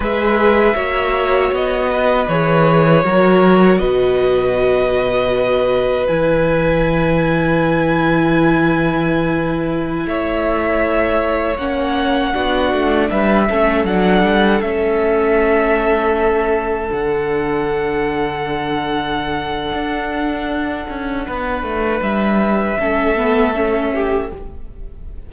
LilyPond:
<<
  \new Staff \with { instrumentName = "violin" } { \time 4/4 \tempo 4 = 79 e''2 dis''4 cis''4~ | cis''4 dis''2. | gis''1~ | gis''4~ gis''16 e''2 fis''8.~ |
fis''4~ fis''16 e''4 fis''4 e''8.~ | e''2~ e''16 fis''4.~ fis''16~ | fis''1~ | fis''4 e''2. | }
  \new Staff \with { instrumentName = "violin" } { \time 4/4 b'4 cis''4. b'4. | ais'4 b'2.~ | b'1~ | b'4~ b'16 cis''2~ cis''8.~ |
cis''16 fis'4 b'8 a'2~ a'16~ | a'1~ | a'1 | b'2 a'4. g'8 | }
  \new Staff \with { instrumentName = "viola" } { \time 4/4 gis'4 fis'2 gis'4 | fis'1 | e'1~ | e'2.~ e'16 cis'8.~ |
cis'16 d'4. cis'8 d'4 cis'8.~ | cis'2~ cis'16 d'4.~ d'16~ | d'1~ | d'2 cis'8 b8 cis'4 | }
  \new Staff \with { instrumentName = "cello" } { \time 4/4 gis4 ais4 b4 e4 | fis4 b,2. | e1~ | e4~ e16 a2 ais8.~ |
ais16 b8 a8 g8 a8 fis8 g8 a8.~ | a2~ a16 d4.~ d16~ | d2 d'4. cis'8 | b8 a8 g4 a2 | }
>>